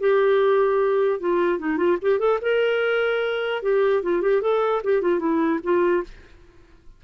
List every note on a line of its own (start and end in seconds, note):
0.00 1.20 G4
1.20 1.59 F4
1.59 1.77 D#4
1.77 1.97 F4
2.02 2.19 G4
2.19 2.39 A4
2.42 3.63 A#4
3.63 4.03 G4
4.03 4.22 F4
4.22 4.42 G4
4.42 4.82 A4
4.84 5.02 G4
5.02 5.19 F4
5.19 5.60 E4
5.63 6.04 F4